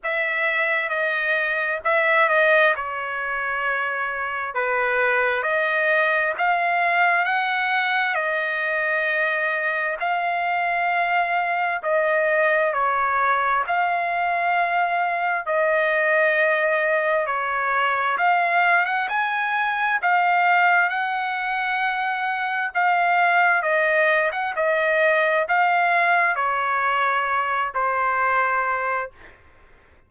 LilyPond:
\new Staff \with { instrumentName = "trumpet" } { \time 4/4 \tempo 4 = 66 e''4 dis''4 e''8 dis''8 cis''4~ | cis''4 b'4 dis''4 f''4 | fis''4 dis''2 f''4~ | f''4 dis''4 cis''4 f''4~ |
f''4 dis''2 cis''4 | f''8. fis''16 gis''4 f''4 fis''4~ | fis''4 f''4 dis''8. fis''16 dis''4 | f''4 cis''4. c''4. | }